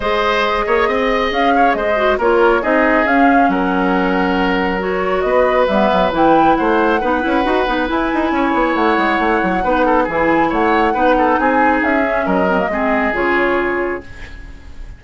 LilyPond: <<
  \new Staff \with { instrumentName = "flute" } { \time 4/4 \tempo 4 = 137 dis''2. f''4 | dis''4 cis''4 dis''4 f''4 | fis''2. cis''4 | dis''4 e''4 g''4 fis''4~ |
fis''2 gis''2 | fis''2. gis''4 | fis''2 gis''4 e''4 | dis''2 cis''2 | }
  \new Staff \with { instrumentName = "oboe" } { \time 4/4 c''4. cis''8 dis''4. cis''8 | c''4 ais'4 gis'2 | ais'1 | b'2. c''4 |
b'2. cis''4~ | cis''2 b'8 a'8 gis'4 | cis''4 b'8 a'8 gis'2 | ais'4 gis'2. | }
  \new Staff \with { instrumentName = "clarinet" } { \time 4/4 gis'1~ | gis'8 fis'8 f'4 dis'4 cis'4~ | cis'2. fis'4~ | fis'4 b4 e'2 |
dis'8 e'8 fis'8 dis'8 e'2~ | e'2 dis'4 e'4~ | e'4 dis'2~ dis'8 cis'8~ | cis'8 c'16 ais16 c'4 f'2 | }
  \new Staff \with { instrumentName = "bassoon" } { \time 4/4 gis4. ais8 c'4 cis'4 | gis4 ais4 c'4 cis'4 | fis1 | b4 g8 fis8 e4 a4 |
b8 cis'8 dis'8 b8 e'8 dis'8 cis'8 b8 | a8 gis8 a8 fis8 b4 e4 | a4 b4 c'4 cis'4 | fis4 gis4 cis2 | }
>>